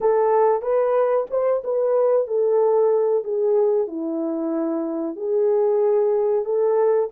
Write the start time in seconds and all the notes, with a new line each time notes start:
0.01 A4
0.62 B4
1.30 C5
1.64 B4
2.27 A4
3.24 G#4
3.87 E4
5.16 G#4
6.45 A4